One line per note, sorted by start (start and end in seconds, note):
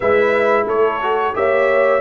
0.00 0.66 G#3
0.00 1.01 E4
0.00 0.65 B4
0.00 0.67 E5
0.66 1.34 A3
0.66 1.35 A4
0.66 1.35 C#5
1.01 1.33 F#4
1.33 2.01 A#3
1.33 2.01 G4
1.33 2.01 C#5
1.33 2.01 E5